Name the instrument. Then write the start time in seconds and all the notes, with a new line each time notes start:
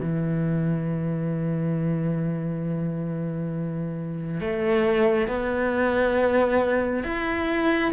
cello
0.00 E3
4.40 A3
5.27 B3
7.03 E4